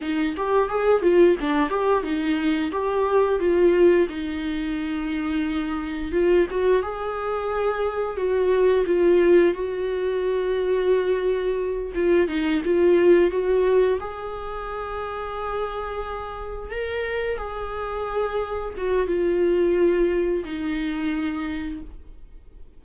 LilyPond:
\new Staff \with { instrumentName = "viola" } { \time 4/4 \tempo 4 = 88 dis'8 g'8 gis'8 f'8 d'8 g'8 dis'4 | g'4 f'4 dis'2~ | dis'4 f'8 fis'8 gis'2 | fis'4 f'4 fis'2~ |
fis'4. f'8 dis'8 f'4 fis'8~ | fis'8 gis'2.~ gis'8~ | gis'8 ais'4 gis'2 fis'8 | f'2 dis'2 | }